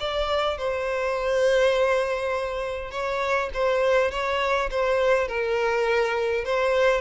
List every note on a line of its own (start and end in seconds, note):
0.00 0.58 D5
0.58 2.91 C5
2.91 3.50 C#5
3.54 4.11 C5
4.11 4.70 C#5
4.71 5.28 C5
5.28 6.45 A#4
6.45 7.01 C5